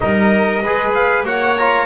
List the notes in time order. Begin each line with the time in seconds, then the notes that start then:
0.00 G3 D#4 A#4 D#5
0.62 G#3 G#4 B4
0.93 F5
1.23 A#3 F#4 C#5 F#5
1.57 F4 A#5